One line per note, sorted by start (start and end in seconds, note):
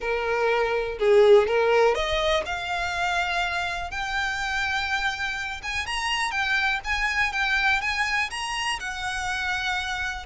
0.00 0.98 A#4
0.99 1.47 G#4
1.47 1.94 A#4
1.94 2.43 D#5
2.45 3.90 F5
3.90 5.61 G5
5.63 5.86 G#5
5.86 6.31 A#5
6.31 6.80 G5
6.84 7.32 G#5
7.32 7.81 G5
7.81 8.29 G#5
8.30 8.79 A#5
8.79 10.25 F#5